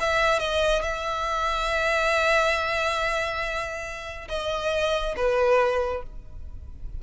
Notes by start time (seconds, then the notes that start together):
0.00 E5
0.39 D#5
0.83 E5
4.29 D#5
5.16 B4